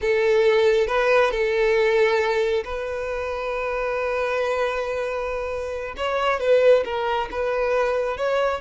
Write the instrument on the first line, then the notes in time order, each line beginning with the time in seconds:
violin
0.01 A4
0.87 B4
1.31 A4
2.64 B4
5.96 C#5
6.40 B4
6.84 A#4
7.31 B4
8.17 C#5